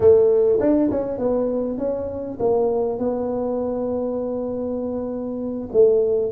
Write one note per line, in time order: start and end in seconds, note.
0.00 0.59 A3
0.60 0.90 D4
0.90 1.18 C#4
1.18 1.78 B3
1.78 2.38 C#4
2.39 2.98 A#3
2.98 5.68 B3
5.72 6.31 A3